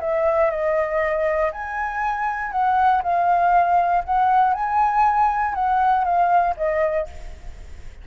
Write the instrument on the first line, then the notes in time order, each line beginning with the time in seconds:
flute
0.00 E5
0.51 D#5
1.52 G#5
2.52 F#5
3.03 F5
4.05 F#5
4.54 G#5
5.55 F#5
6.04 F5
6.57 D#5